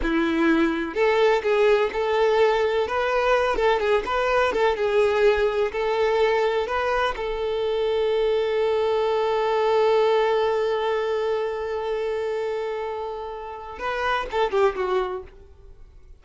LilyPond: \new Staff \with { instrumentName = "violin" } { \time 4/4 \tempo 4 = 126 e'2 a'4 gis'4 | a'2 b'4. a'8 | gis'8 b'4 a'8 gis'2 | a'2 b'4 a'4~ |
a'1~ | a'1~ | a'1~ | a'4 b'4 a'8 g'8 fis'4 | }